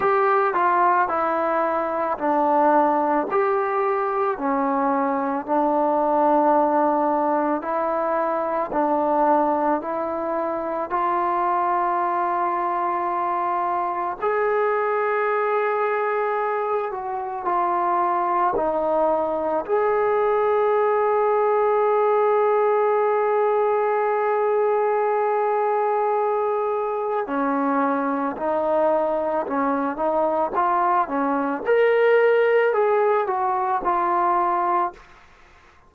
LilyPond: \new Staff \with { instrumentName = "trombone" } { \time 4/4 \tempo 4 = 55 g'8 f'8 e'4 d'4 g'4 | cis'4 d'2 e'4 | d'4 e'4 f'2~ | f'4 gis'2~ gis'8 fis'8 |
f'4 dis'4 gis'2~ | gis'1~ | gis'4 cis'4 dis'4 cis'8 dis'8 | f'8 cis'8 ais'4 gis'8 fis'8 f'4 | }